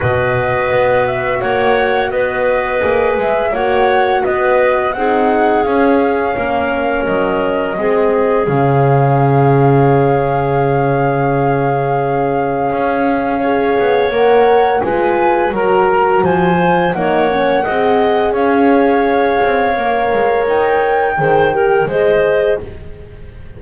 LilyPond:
<<
  \new Staff \with { instrumentName = "flute" } { \time 4/4 \tempo 4 = 85 dis''4. e''8 fis''4 dis''4~ | dis''8 e''8 fis''4 dis''4 fis''4 | f''2 dis''2 | f''1~ |
f''1 | fis''4 gis''4 ais''4 gis''4 | fis''2 f''2~ | f''4 g''2 dis''4 | }
  \new Staff \with { instrumentName = "clarinet" } { \time 4/4 b'2 cis''4 b'4~ | b'4 cis''4 b'4 gis'4~ | gis'4 ais'2 gis'4~ | gis'1~ |
gis'2. cis''4~ | cis''4 b'4 ais'4 c''4 | cis''4 dis''4 cis''2~ | cis''2 c''8 ais'8 c''4 | }
  \new Staff \with { instrumentName = "horn" } { \time 4/4 fis'1 | gis'4 fis'2 dis'4 | cis'2. c'4 | cis'1~ |
cis'2. gis'4 | ais'4 f'4 fis'4. f'8 | dis'8 cis'8 gis'2. | ais'2 gis'8 g'8 gis'4 | }
  \new Staff \with { instrumentName = "double bass" } { \time 4/4 b,4 b4 ais4 b4 | ais8 gis8 ais4 b4 c'4 | cis'4 ais4 fis4 gis4 | cis1~ |
cis2 cis'4. b8 | ais4 gis4 fis4 f4 | ais4 c'4 cis'4. c'8 | ais8 gis8 dis'4 dis4 gis4 | }
>>